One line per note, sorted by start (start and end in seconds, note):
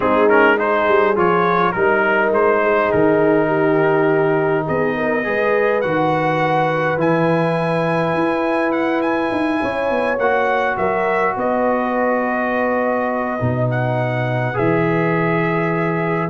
0.00 0.88 G#3
0.00 0.28 C4
0.00 0.58 D#4
0.00 0.28 G#4
0.28 0.57 C#4
0.28 0.58 A#4
0.57 1.15 D#4
0.57 1.73 G#4
0.57 1.17 C5
0.88 1.16 G3
1.15 1.75 F3
1.15 1.73 F4
1.15 1.71 C#5
1.71 2.31 G3
1.71 5.23 D#4
1.71 2.30 A#4
1.71 2.61 A#4
2.31 2.89 G#3
2.31 2.91 C5
2.63 3.47 G#4
2.91 4.68 D#3
2.91 4.66 A#4
3.47 4.63 G4
4.66 5.26 B3
4.66 4.95 G#4
4.66 5.81 D#5
4.96 5.25 A#4
5.23 5.84 G#3
5.23 5.82 G#4
5.23 9.61 B4
5.81 6.97 D#3
5.81 6.97 F#4
5.81 6.97 F#5
6.97 8.14 E3
6.97 10.17 E4
6.97 8.71 G#5
8.14 9.30 E4
8.71 9.01 F#5
9.01 10.18 G#5
9.31 9.60 D#4
9.61 9.90 C#4
9.61 10.78 C#5
9.90 10.18 B3
10.18 10.77 A#3
10.18 13.39 F#4
10.18 10.77 F#5
10.77 11.36 F#3
10.77 11.36 A#4
10.77 11.35 E5
11.36 13.40 B3
11.36 16.30 B4
11.36 13.70 D#5
13.39 14.57 B2
13.39 14.54 D#4
13.70 14.57 F#5
14.54 16.30 E3
14.54 16.28 G#4
14.54 16.30 E5